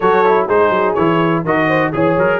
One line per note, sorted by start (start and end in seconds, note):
0.00 0.49 F#3
0.00 0.25 F#4
0.00 0.46 A4
0.00 0.47 C#5
0.25 0.48 E4
0.46 0.70 G#3
0.46 0.97 D#4
0.46 1.42 G#4
0.46 0.94 C5
0.70 0.94 F#3
0.94 1.44 E3
0.94 1.45 E4
0.94 1.42 C#5
1.44 1.93 D#3
1.44 1.93 F#4
1.44 1.67 A#4
1.44 1.91 D#5
1.67 1.92 C5
1.91 2.17 E3
1.91 2.16 G#4
1.91 2.40 G#4
1.91 2.40 C#5
2.17 2.40 F#3
2.17 2.40 A#4